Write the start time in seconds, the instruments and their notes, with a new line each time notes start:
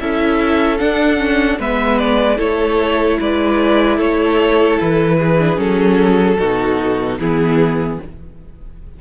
0.00 cello C#4, viola E4, violin A4 E5
0.78 viola D4, cello D4, violin F#5
1.18 viola C#4
1.59 cello G#3, viola B3, violin B4 E5
1.99 violin D5
2.37 cello A3, viola E4, violin A4 C#5
3.20 cello G#3, violin B4 D5
3.98 cello A3, violin A4 C#5
4.81 cello E3, violin B4
5.18 violin G#4
5.40 viola D4
5.57 cello F#3, viola C#4, violin A4
6.38 cello B2, viola D#4, violin F#4
7.19 cello E3, viola B3, violin E4 G#4